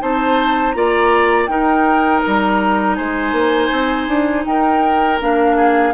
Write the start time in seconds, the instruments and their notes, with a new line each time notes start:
0.00 bassoon C4, clarinet D#4, oboe C5, flute A5
0.72 bassoon A#3, clarinet F4, oboe D5, flute A#5
1.46 bassoon D#4, clarinet D#4, oboe A#4, flute G5
2.22 bassoon G3, flute A#5
2.96 bassoon G#3, oboe C5, flute G#5
3.32 bassoon A#3
3.72 bassoon C4
4.08 bassoon D4
4.46 bassoon D#4, oboe A#4, flute G5
5.20 bassoon A#3, clarinet D4, flute F5
5.56 oboe G#4